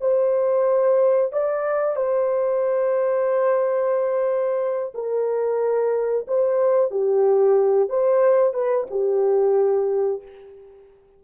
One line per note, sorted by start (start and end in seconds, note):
0.00 1.32 C5
1.32 1.96 D5
1.96 4.92 C5
4.94 6.26 A#4
6.27 6.90 C5
6.90 7.89 G4
7.89 8.53 C5
8.53 8.86 B4
8.90 10.22 G4